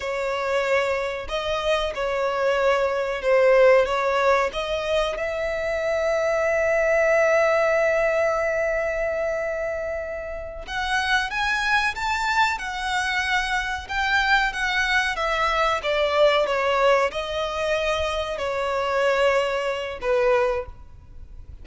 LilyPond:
\new Staff \with { instrumentName = "violin" } { \time 4/4 \tempo 4 = 93 cis''2 dis''4 cis''4~ | cis''4 c''4 cis''4 dis''4 | e''1~ | e''1~ |
e''8 fis''4 gis''4 a''4 fis''8~ | fis''4. g''4 fis''4 e''8~ | e''8 d''4 cis''4 dis''4.~ | dis''8 cis''2~ cis''8 b'4 | }